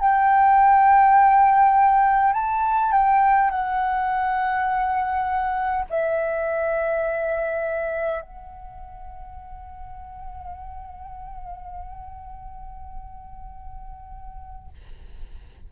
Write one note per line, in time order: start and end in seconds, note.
0.00 2.34 G5
2.34 2.93 A5
2.93 3.50 G5
3.50 5.86 F#5
5.90 8.22 E5
8.22 14.69 F#5